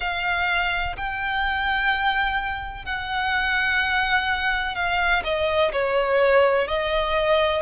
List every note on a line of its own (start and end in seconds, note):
0.00 0.95 F5
0.96 2.85 G5
2.85 4.75 F#5
4.75 5.23 F5
5.24 5.71 D#5
5.72 6.67 C#5
6.67 7.62 D#5